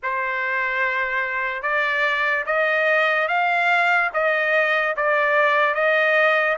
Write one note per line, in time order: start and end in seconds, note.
0.02 1.62 C5
1.62 2.44 D5
2.46 3.28 D#5
3.28 4.10 F5
4.13 4.95 D#5
4.96 5.74 D5
5.74 6.56 D#5